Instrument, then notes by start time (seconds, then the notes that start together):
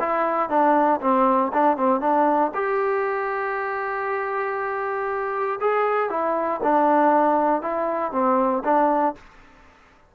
trombone
0.00 E4
0.49 D4
1.01 C4
1.53 D4
1.77 C4
2.01 D4
2.54 G4
5.61 G#4
6.10 E4
6.63 D4
7.62 E4
8.12 C4
8.64 D4